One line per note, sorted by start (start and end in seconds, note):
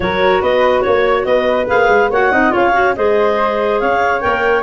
0.00 0.42 F#3
0.00 1.67 F#4
0.00 0.41 A#4
0.00 0.42 C#5
0.41 0.84 B3
0.41 0.83 B4
0.41 0.81 D#5
0.81 1.25 A#3
0.81 1.23 C#5
0.81 1.26 C#5
1.24 1.67 B3
1.24 2.10 B4
1.24 1.67 D#5
1.67 1.88 A#3
1.67 2.09 G#4
1.67 2.11 F5
1.88 2.10 G#3
2.10 2.31 A#3
2.10 2.31 F#4
2.10 2.32 C#5
2.10 2.54 F#5
2.31 2.52 C4
2.31 2.50 D#4
2.31 2.52 D#5
2.50 2.97 C#4
2.50 2.71 F4
2.50 2.95 C#5
2.50 2.95 F5
2.73 2.94 F#4
2.95 3.81 G#3
2.95 4.20 G#4
2.95 3.81 C5
2.95 3.80 D#5
3.80 4.23 C#4
3.80 4.62 C#5
3.80 4.20 F5
4.20 4.62 A#3
4.20 4.62 A#4
4.20 4.62 G5